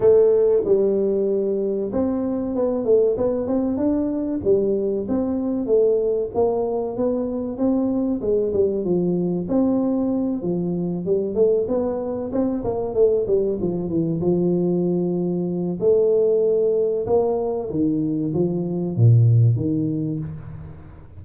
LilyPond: \new Staff \with { instrumentName = "tuba" } { \time 4/4 \tempo 4 = 95 a4 g2 c'4 | b8 a8 b8 c'8 d'4 g4 | c'4 a4 ais4 b4 | c'4 gis8 g8 f4 c'4~ |
c'8 f4 g8 a8 b4 c'8 | ais8 a8 g8 f8 e8 f4.~ | f4 a2 ais4 | dis4 f4 ais,4 dis4 | }